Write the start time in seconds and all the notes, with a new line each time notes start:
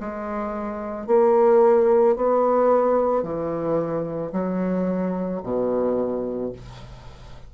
0.00 G#3
1.07 A#3
2.16 B3
3.23 E3
4.32 F#3
5.43 B2